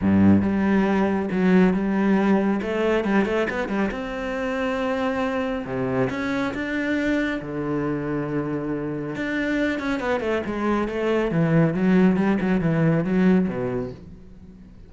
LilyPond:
\new Staff \with { instrumentName = "cello" } { \time 4/4 \tempo 4 = 138 g,4 g2 fis4 | g2 a4 g8 a8 | b8 g8 c'2.~ | c'4 c4 cis'4 d'4~ |
d'4 d2.~ | d4 d'4. cis'8 b8 a8 | gis4 a4 e4 fis4 | g8 fis8 e4 fis4 b,4 | }